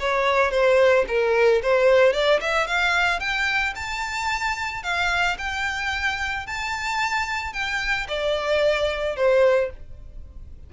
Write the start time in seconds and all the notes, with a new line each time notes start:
0.00 C#5
0.51 C5
1.08 A#4
1.63 C5
2.13 D5
2.41 E5
2.67 F5
3.20 G5
3.75 A5
4.83 F5
5.39 G5
6.47 A5
7.53 G5
8.08 D5
9.16 C5